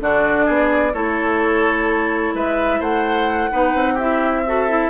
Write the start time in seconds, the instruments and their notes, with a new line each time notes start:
0.00 bassoon D3, clarinet D4, oboe F#4, flute D5
0.46 bassoon B3, oboe G#4
0.94 bassoon A3, clarinet E4, oboe A4, flute C#5
2.34 bassoon G#3, oboe B4, flute E5
2.80 bassoon A3, oboe C5, flute F#5
3.52 bassoon B3, clarinet D#4, oboe B4
3.74 bassoon C4
3.94 clarinet E4, oboe G4, flute E5
4.47 clarinet F#4, oboe A4
4.69 clarinet E4